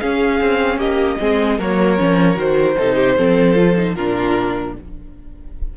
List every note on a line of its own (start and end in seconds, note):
0.00 1.20 C#4
0.00 0.40 C#4
0.00 0.78 G#4
0.00 0.79 F5
0.40 0.77 C4
0.77 1.17 A#3
0.77 1.18 G4
0.77 1.58 D#5
1.20 1.59 G#3
1.20 1.59 C4
1.20 1.59 G#4
1.59 1.99 F#3
1.59 1.98 A#3
1.59 2.77 A#4
1.59 2.39 C#5
1.98 2.36 F3
1.98 2.35 C#4
2.35 2.76 D#3
2.35 2.74 F#4
2.35 3.95 C5
2.77 3.17 C3
2.77 3.17 D#4
2.77 2.96 A4
2.96 3.15 G4
3.17 3.95 F3
3.17 3.55 C4
3.17 3.96 A4
3.55 3.75 F4
3.76 3.95 D#4
3.95 4.74 A#2
3.95 4.77 D4
3.95 4.75 F4
3.95 4.74 A#4